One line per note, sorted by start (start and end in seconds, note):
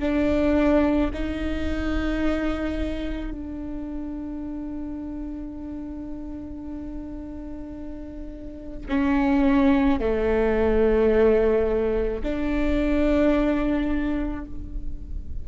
0.00 1.11 D4
1.14 3.32 D#4
3.32 8.87 D4
8.89 10.01 C#4
10.01 12.23 A3
12.23 14.45 D4